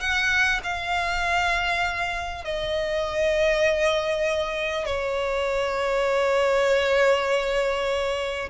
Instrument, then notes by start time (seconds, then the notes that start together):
violin
0.00 F#5
0.63 F5
2.44 D#5
4.86 C#5